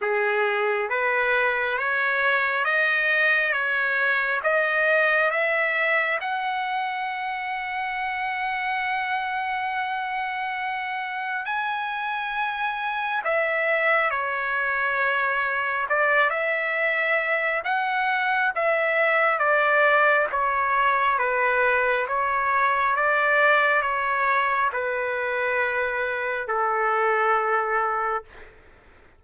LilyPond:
\new Staff \with { instrumentName = "trumpet" } { \time 4/4 \tempo 4 = 68 gis'4 b'4 cis''4 dis''4 | cis''4 dis''4 e''4 fis''4~ | fis''1~ | fis''4 gis''2 e''4 |
cis''2 d''8 e''4. | fis''4 e''4 d''4 cis''4 | b'4 cis''4 d''4 cis''4 | b'2 a'2 | }